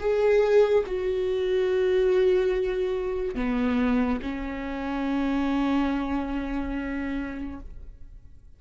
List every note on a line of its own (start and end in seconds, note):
0.00 0.85 G#4
0.87 3.36 F#4
3.36 4.20 B3
4.23 7.61 C#4